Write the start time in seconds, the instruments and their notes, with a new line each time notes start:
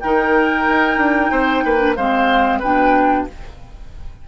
0.00 bassoon D#3, clarinet D#4, oboe A#4, flute G5
0.68 bassoon D#4
0.97 bassoon D4
1.31 bassoon C4, oboe C5
1.64 bassoon A#3, oboe B4
1.78 clarinet D4
1.95 bassoon G#3, clarinet C4, oboe C5, flute F5
2.59 bassoon B2, clarinet D4, oboe B4, flute G5